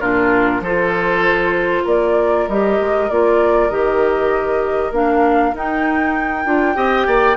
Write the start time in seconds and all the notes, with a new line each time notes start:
0.00 A#2 D4 F4 A#4
0.61 F3 F4 A4 C5
1.84 A#3 A#4 D5
2.48 G3 G4 D#5
2.81 G#3
3.09 A#3 F4 D5
3.69 D#3 G4 D#5
4.91 A#3 D4 F5
5.54 D#4 G5
6.45 D4 F4
6.75 C4 G4 D#5
7.06 A#3 D5